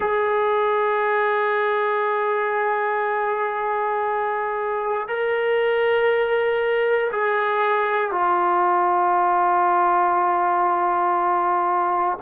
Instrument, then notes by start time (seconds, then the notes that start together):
trombone
0.00 G#4
5.08 A#4
7.12 G#4
8.11 F4